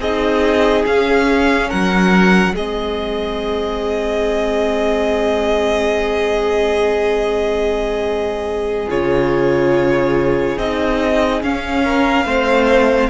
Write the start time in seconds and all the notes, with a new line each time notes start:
0.00 C4 D#4 G#4 D#5
0.86 C#4 F5
1.70 F#3 A#4 F#5
2.53 G#3 C4 G#4 D#5
8.89 C#3 F4 C#5
10.58 C4 D#4 D#5
11.42 C#4 F5
11.84 A#4
12.25 A3 C4 C5